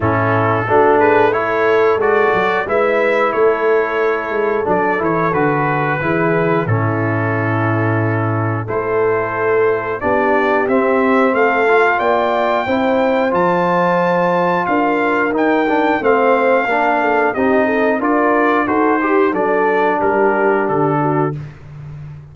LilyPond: <<
  \new Staff \with { instrumentName = "trumpet" } { \time 4/4 \tempo 4 = 90 a'4. b'8 cis''4 d''4 | e''4 cis''2 d''8 cis''8 | b'2 a'2~ | a'4 c''2 d''4 |
e''4 f''4 g''2 | a''2 f''4 g''4 | f''2 dis''4 d''4 | c''4 d''4 ais'4 a'4 | }
  \new Staff \with { instrumentName = "horn" } { \time 4/4 e'4 fis'8 gis'8 a'2 | b'4 a'2.~ | a'4 gis'4 e'2~ | e'4 a'2 g'4~ |
g'4 a'4 d''4 c''4~ | c''2 ais'2 | c''4 ais'8 a'8 g'8 a'8 ais'4 | a'8 g'8 a'4 g'4. fis'8 | }
  \new Staff \with { instrumentName = "trombone" } { \time 4/4 cis'4 d'4 e'4 fis'4 | e'2. d'8 e'8 | fis'4 e'4 cis'2~ | cis'4 e'2 d'4 |
c'4. f'4. e'4 | f'2. dis'8 d'8 | c'4 d'4 dis'4 f'4 | fis'8 g'8 d'2. | }
  \new Staff \with { instrumentName = "tuba" } { \time 4/4 a,4 a2 gis8 fis8 | gis4 a4. gis8 fis8 e8 | d4 e4 a,2~ | a,4 a2 b4 |
c'4 a4 ais4 c'4 | f2 d'4 dis'4 | a4 ais4 c'4 d'4 | dis'4 fis4 g4 d4 | }
>>